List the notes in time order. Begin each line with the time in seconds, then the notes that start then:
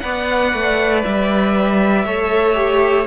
0.00 B3 B4 D5 F#5
0.53 A3
1.04 G3 E5
2.05 A3 A4 C#5
2.54 G4